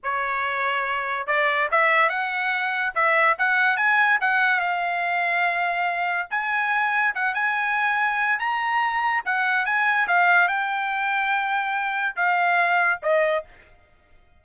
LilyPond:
\new Staff \with { instrumentName = "trumpet" } { \time 4/4 \tempo 4 = 143 cis''2. d''4 | e''4 fis''2 e''4 | fis''4 gis''4 fis''4 f''4~ | f''2. gis''4~ |
gis''4 fis''8 gis''2~ gis''8 | ais''2 fis''4 gis''4 | f''4 g''2.~ | g''4 f''2 dis''4 | }